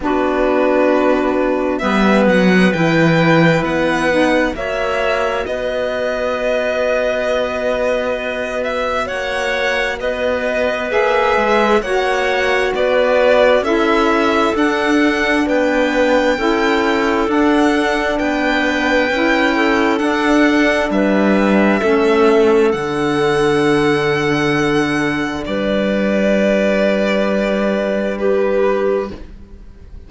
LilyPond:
<<
  \new Staff \with { instrumentName = "violin" } { \time 4/4 \tempo 4 = 66 b'2 e''8 fis''8 g''4 | fis''4 e''4 dis''2~ | dis''4. e''8 fis''4 dis''4 | e''4 fis''4 d''4 e''4 |
fis''4 g''2 fis''4 | g''2 fis''4 e''4~ | e''4 fis''2. | d''2. b'4 | }
  \new Staff \with { instrumentName = "clarinet" } { \time 4/4 fis'2 b'2~ | b'4 cis''4 b'2~ | b'2 cis''4 b'4~ | b'4 cis''4 b'4 a'4~ |
a'4 b'4 a'2 | b'4. a'4. b'4 | a'1 | b'2. g'4 | }
  \new Staff \with { instrumentName = "saxophone" } { \time 4/4 d'2 b4 e'4~ | e'8 dis'8 fis'2.~ | fis'1 | gis'4 fis'2 e'4 |
d'2 e'4 d'4~ | d'4 e'4 d'2 | cis'4 d'2.~ | d'1 | }
  \new Staff \with { instrumentName = "cello" } { \time 4/4 b2 g8 fis8 e4 | b4 ais4 b2~ | b2 ais4 b4 | ais8 gis8 ais4 b4 cis'4 |
d'4 b4 cis'4 d'4 | b4 cis'4 d'4 g4 | a4 d2. | g1 | }
>>